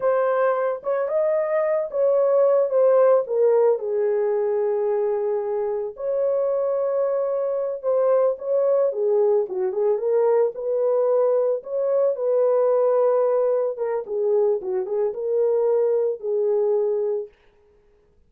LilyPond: \new Staff \with { instrumentName = "horn" } { \time 4/4 \tempo 4 = 111 c''4. cis''8 dis''4. cis''8~ | cis''4 c''4 ais'4 gis'4~ | gis'2. cis''4~ | cis''2~ cis''8 c''4 cis''8~ |
cis''8 gis'4 fis'8 gis'8 ais'4 b'8~ | b'4. cis''4 b'4.~ | b'4. ais'8 gis'4 fis'8 gis'8 | ais'2 gis'2 | }